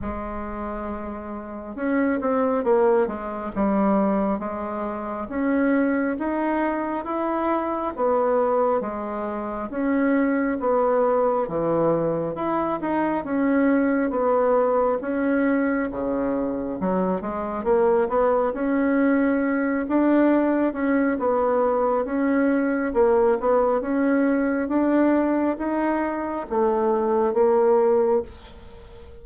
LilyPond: \new Staff \with { instrumentName = "bassoon" } { \time 4/4 \tempo 4 = 68 gis2 cis'8 c'8 ais8 gis8 | g4 gis4 cis'4 dis'4 | e'4 b4 gis4 cis'4 | b4 e4 e'8 dis'8 cis'4 |
b4 cis'4 cis4 fis8 gis8 | ais8 b8 cis'4. d'4 cis'8 | b4 cis'4 ais8 b8 cis'4 | d'4 dis'4 a4 ais4 | }